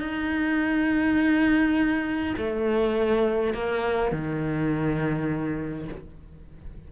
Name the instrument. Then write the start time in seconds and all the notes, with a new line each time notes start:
cello
0.00 D#4
2.38 A3
3.54 A#3
4.12 D#3